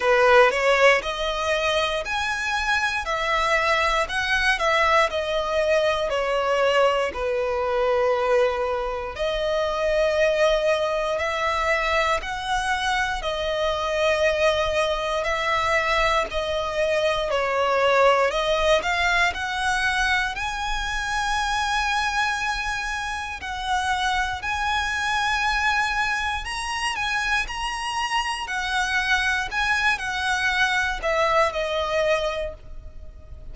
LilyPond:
\new Staff \with { instrumentName = "violin" } { \time 4/4 \tempo 4 = 59 b'8 cis''8 dis''4 gis''4 e''4 | fis''8 e''8 dis''4 cis''4 b'4~ | b'4 dis''2 e''4 | fis''4 dis''2 e''4 |
dis''4 cis''4 dis''8 f''8 fis''4 | gis''2. fis''4 | gis''2 ais''8 gis''8 ais''4 | fis''4 gis''8 fis''4 e''8 dis''4 | }